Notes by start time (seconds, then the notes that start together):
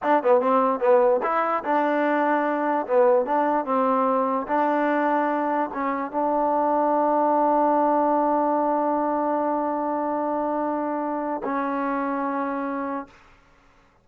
0.02 D4
0.23 B3
0.40 C4
0.80 B3
1.22 E4
1.64 D4
2.87 B3
3.25 D4
3.65 C4
4.47 D4
5.73 C#4
6.11 D4
11.44 C#4